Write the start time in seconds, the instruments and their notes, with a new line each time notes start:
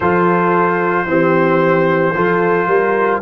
0.00 tuba F3, trombone F4, horn A4, trumpet C5
1.06 tuba E3, trombone C4, horn G4
2.13 tuba F3, trombone F4, horn A4
2.66 tuba G3, horn A#4